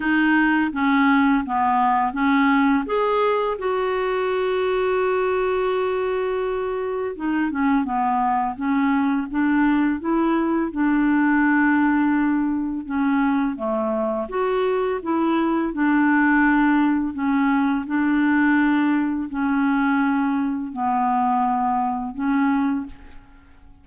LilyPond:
\new Staff \with { instrumentName = "clarinet" } { \time 4/4 \tempo 4 = 84 dis'4 cis'4 b4 cis'4 | gis'4 fis'2.~ | fis'2 dis'8 cis'8 b4 | cis'4 d'4 e'4 d'4~ |
d'2 cis'4 a4 | fis'4 e'4 d'2 | cis'4 d'2 cis'4~ | cis'4 b2 cis'4 | }